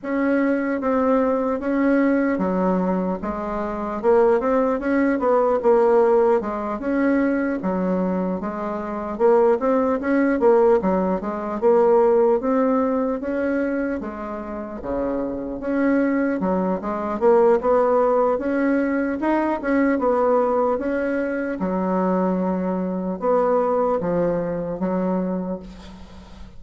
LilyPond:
\new Staff \with { instrumentName = "bassoon" } { \time 4/4 \tempo 4 = 75 cis'4 c'4 cis'4 fis4 | gis4 ais8 c'8 cis'8 b8 ais4 | gis8 cis'4 fis4 gis4 ais8 | c'8 cis'8 ais8 fis8 gis8 ais4 c'8~ |
c'8 cis'4 gis4 cis4 cis'8~ | cis'8 fis8 gis8 ais8 b4 cis'4 | dis'8 cis'8 b4 cis'4 fis4~ | fis4 b4 f4 fis4 | }